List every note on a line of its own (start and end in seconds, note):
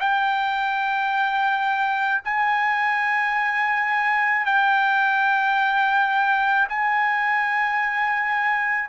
0.00 2.22 G5
2.25 4.46 G#5
4.46 6.68 G5
6.69 8.89 G#5